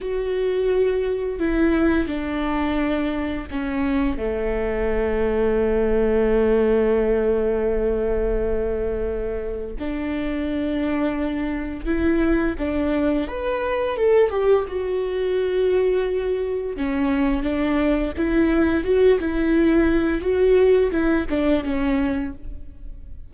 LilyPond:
\new Staff \with { instrumentName = "viola" } { \time 4/4 \tempo 4 = 86 fis'2 e'4 d'4~ | d'4 cis'4 a2~ | a1~ | a2 d'2~ |
d'4 e'4 d'4 b'4 | a'8 g'8 fis'2. | cis'4 d'4 e'4 fis'8 e'8~ | e'4 fis'4 e'8 d'8 cis'4 | }